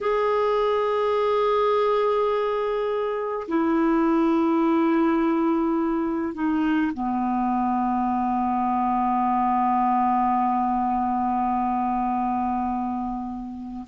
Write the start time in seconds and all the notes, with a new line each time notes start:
0.01 G#4
3.48 E4
6.34 D#4
6.93 B3